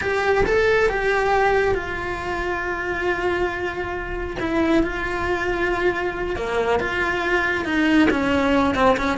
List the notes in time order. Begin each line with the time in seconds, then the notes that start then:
0.01 G4
0.45 A4
0.89 G4
1.74 F4
4.39 E4
4.83 F4
6.36 A#3
6.79 F4
7.64 D#4
8.10 C#4
8.75 C4
8.97 C#4